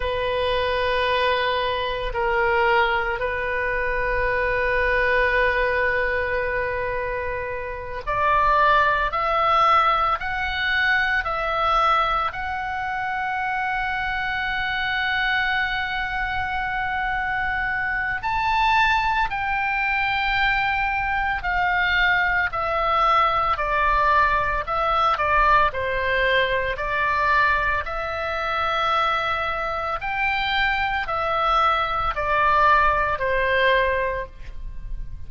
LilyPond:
\new Staff \with { instrumentName = "oboe" } { \time 4/4 \tempo 4 = 56 b'2 ais'4 b'4~ | b'2.~ b'8 d''8~ | d''8 e''4 fis''4 e''4 fis''8~ | fis''1~ |
fis''4 a''4 g''2 | f''4 e''4 d''4 e''8 d''8 | c''4 d''4 e''2 | g''4 e''4 d''4 c''4 | }